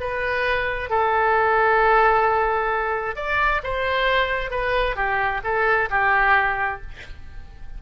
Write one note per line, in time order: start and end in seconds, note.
0.00 0.90 B4
0.90 3.16 A4
3.16 3.61 D5
3.63 4.51 C5
4.51 4.96 B4
4.96 5.41 G4
5.44 5.89 A4
5.90 6.81 G4